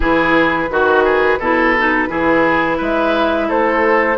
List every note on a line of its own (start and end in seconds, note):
0.00 0.69 E3
0.00 0.69 E4
0.00 0.69 G#4
0.00 2.80 B4
0.69 1.38 D#3
0.69 1.39 F#4
0.69 1.04 F#4
1.04 1.39 G#4
1.38 2.08 B2
1.38 1.76 E4
1.38 2.08 A4
1.77 2.08 D#4
2.08 2.79 E3
2.08 4.17 E4
2.08 2.77 G#4
2.77 3.50 G#3
2.77 3.47 B4
2.77 3.50 E5
3.48 4.17 A3
3.48 4.17 A4
3.48 4.17 C5